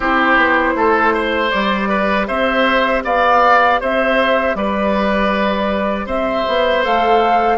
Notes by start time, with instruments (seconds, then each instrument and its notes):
0.00 bassoon C4, clarinet E4, oboe G4, flute C5
0.37 bassoon B3
0.75 bassoon A3, oboe A4
1.13 oboe C5
1.50 bassoon G3, clarinet G4, flute D5
1.88 oboe B4
2.27 bassoon C4, oboe C5, flute E5
3.04 bassoon B3, oboe D5, flute F5
3.80 bassoon C4, oboe C5, flute E5
4.55 bassoon G3, oboe B4, flute D5
6.06 bassoon C4, oboe C5, flute E5
6.47 bassoon B3
6.82 bassoon A3, clarinet A4, flute F5